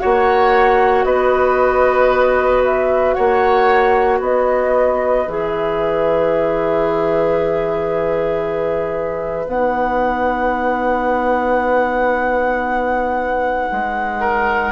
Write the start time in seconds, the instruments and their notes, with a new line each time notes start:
0.00 bassoon A#3, clarinet F#4, oboe C#5, flute F#5
1.05 bassoon B3, oboe B4, flute D#5
2.65 flute E5
3.14 bassoon A#3, oboe C#5, flute F#5
4.20 bassoon B3, oboe B4, flute D#5
5.28 bassoon E3, clarinet G#4, flute E5
9.47 bassoon B3, clarinet D#4, flute F#5
13.72 bassoon G#3
14.21 oboe A#4